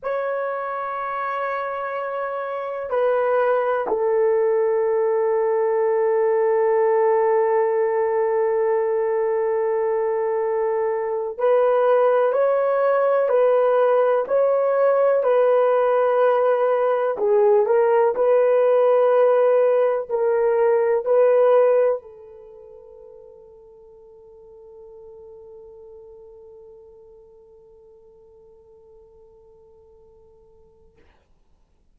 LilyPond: \new Staff \with { instrumentName = "horn" } { \time 4/4 \tempo 4 = 62 cis''2. b'4 | a'1~ | a'2.~ a'8. b'16~ | b'8. cis''4 b'4 cis''4 b'16~ |
b'4.~ b'16 gis'8 ais'8 b'4~ b'16~ | b'8. ais'4 b'4 a'4~ a'16~ | a'1~ | a'1 | }